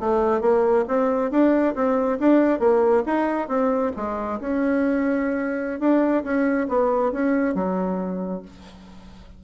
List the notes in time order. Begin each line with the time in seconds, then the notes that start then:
0.00 A3
0.41 A#3
0.88 C4
1.31 D4
1.75 C4
2.20 D4
2.60 A#3
3.06 D#4
3.49 C4
3.97 G#3
4.41 C#4
5.80 D4
6.24 C#4
6.69 B3
7.12 C#4
7.55 F#3